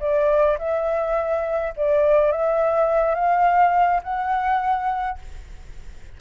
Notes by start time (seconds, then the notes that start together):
0.00 D5
0.58 E5
1.76 D5
2.32 E5
3.15 F5
4.03 F#5